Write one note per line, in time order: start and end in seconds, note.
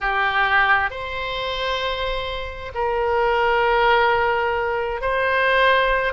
0.00 0.90 G4
0.90 2.72 C5
2.74 5.01 A#4
5.01 6.13 C5